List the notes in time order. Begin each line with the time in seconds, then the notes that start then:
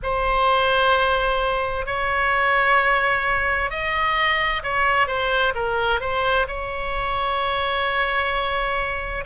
0.03 C5
1.86 C#5
3.70 D#5
4.63 C#5
5.07 C5
5.54 A#4
6.00 C5
6.47 C#5